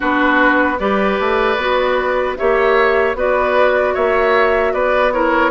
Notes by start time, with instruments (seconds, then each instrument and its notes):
0.00 bassoon B3, clarinet D4, oboe F#4, flute B4
0.78 bassoon G3, clarinet G4, oboe B4, flute D5
1.19 bassoon A3
1.57 bassoon B3, clarinet F#4
2.36 bassoon A#3, clarinet G4, oboe C#5, flute E5
3.14 bassoon B3, clarinet F#4, oboe B4, flute D5
3.93 bassoon A#3, oboe C#5, flute E5
4.72 bassoon B3, oboe B4, flute D5
5.12 clarinet E4, oboe A#4, flute C#5